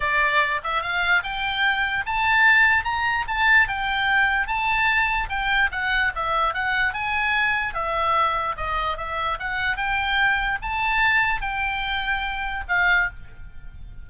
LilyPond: \new Staff \with { instrumentName = "oboe" } { \time 4/4 \tempo 4 = 147 d''4. e''8 f''4 g''4~ | g''4 a''2 ais''4 | a''4 g''2 a''4~ | a''4 g''4 fis''4 e''4 |
fis''4 gis''2 e''4~ | e''4 dis''4 e''4 fis''4 | g''2 a''2 | g''2. f''4 | }